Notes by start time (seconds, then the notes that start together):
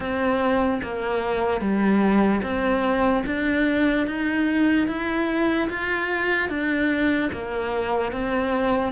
0.00 C4
0.83 A#3
1.60 G3
2.42 C4
3.26 D4
4.07 D#4
4.87 E4
5.69 F4
6.49 D4
7.32 A#3
8.12 C4